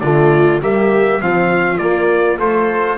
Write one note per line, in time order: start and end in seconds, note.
0.00 0.60 D3
0.00 0.61 A3
0.00 0.62 F4
0.00 0.59 D5
0.61 1.21 G3
0.61 1.20 A#3
0.61 1.21 G4
0.61 1.21 E5
1.20 1.79 F3
1.20 1.80 C4
1.20 2.40 F4
1.20 1.78 F5
1.78 2.38 A#3
1.78 2.39 A#3
1.78 2.37 D5
2.39 2.98 A3
2.39 2.98 F4
2.39 2.98 A4
2.39 2.98 C5